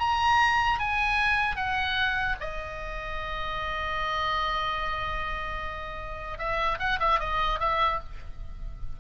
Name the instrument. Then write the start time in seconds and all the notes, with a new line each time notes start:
oboe
0.00 A#5
0.80 G#5
1.56 F#5
2.41 D#5
6.39 E5
6.80 F#5
7.00 E5
7.20 D#5
7.60 E5